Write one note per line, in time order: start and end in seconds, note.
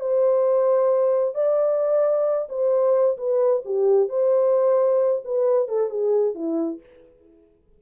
0.00 1.35 C5
1.35 2.48 D5
2.49 3.17 C5
3.17 3.63 B4
3.65 4.09 G4
4.09 5.23 C5
5.25 5.68 B4
5.68 5.89 A4
5.89 6.34 G#4
6.34 6.80 E4